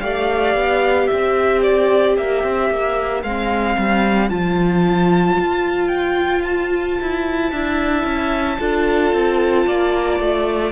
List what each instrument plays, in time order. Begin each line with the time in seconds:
0.00 cello A3, viola G4, violin D5 F5
0.55 cello B3
1.07 cello C4, violin C5 E5
1.62 violin D5
2.18 cello A#3, violin E5
2.44 cello C4
2.70 cello A#3
3.23 cello G#3, viola C4, violin F5
3.78 cello G3
4.29 cello F3, viola F4, violin A5
5.39 cello F4
5.88 violin G5
6.43 violin A5
7.01 cello E4
7.50 cello D4, viola E4, violin E5
8.04 cello C#4
8.59 cello D4, viola F4, violin A4
9.13 cello C4
9.67 cello A#3, violin D5
10.20 cello A3